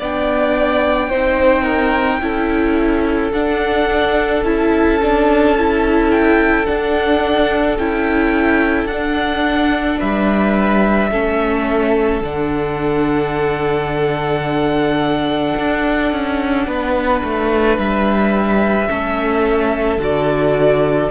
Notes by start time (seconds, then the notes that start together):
0.00 B3 D4 D5 G5
1.10 C4 D#4 C5
1.64 A#4
2.22 C#4 E4 A4
3.33 D4 F#5
4.44 C#4 E4 A5
5.02 D4
5.58 E4
6.11 G5
6.66 D4 F#5
7.78 C#4 E4 G5
8.85 D4 F#5
8.91 D4
10.00 G3 B4 E5
11.12 A3 C#4 A4
12.21 D3 D4 F#5
15.57 D4
16.12 C#4
16.67 B3 B4
17.24 A3
17.78 G3 E5
18.88 A3 C#4 A4
19.98 D3 F#4 D5